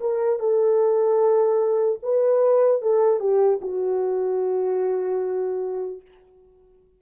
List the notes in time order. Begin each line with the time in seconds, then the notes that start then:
0.00 A#4
0.39 A4
2.03 B4
2.82 A4
3.20 G4
3.61 F#4